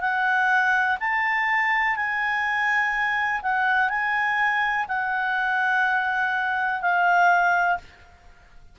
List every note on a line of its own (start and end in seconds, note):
0.00 0.97 F#5
0.99 1.96 A5
1.96 3.41 G#5
3.42 3.89 F#5
3.89 4.86 G#5
4.88 6.80 F#5
6.80 7.77 F5